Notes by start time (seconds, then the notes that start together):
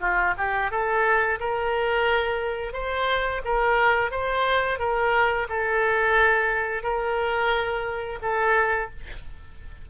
0.00 F4
0.37 G4
0.71 A4
1.39 A#4
2.73 C5
3.44 A#4
4.11 C5
4.79 A#4
5.49 A4
6.83 A#4
8.22 A4